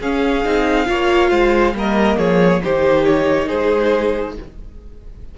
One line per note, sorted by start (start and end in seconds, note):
0.00 0.45 C#4
0.00 0.87 G#4
0.00 1.76 F5
0.45 0.89 C4
0.45 0.86 D#4
0.86 1.31 A#3
0.86 1.73 F4
0.86 1.31 C#5
1.31 1.74 G#3
1.31 1.74 C5
1.74 2.17 G3
1.74 2.62 A#3
1.74 2.18 A#4
1.74 2.18 D#5
2.18 2.61 F3
2.18 2.62 G#4
2.18 2.62 C#5
2.63 3.51 D#3
2.63 4.37 D#4
2.63 3.47 G4
2.63 3.05 C5
3.05 3.48 C#5
3.47 4.38 G#3
3.47 4.34 G#4
3.47 4.35 C5